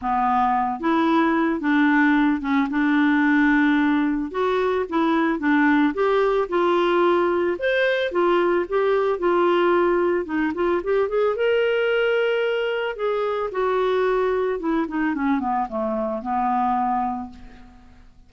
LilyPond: \new Staff \with { instrumentName = "clarinet" } { \time 4/4 \tempo 4 = 111 b4. e'4. d'4~ | d'8 cis'8 d'2. | fis'4 e'4 d'4 g'4 | f'2 c''4 f'4 |
g'4 f'2 dis'8 f'8 | g'8 gis'8 ais'2. | gis'4 fis'2 e'8 dis'8 | cis'8 b8 a4 b2 | }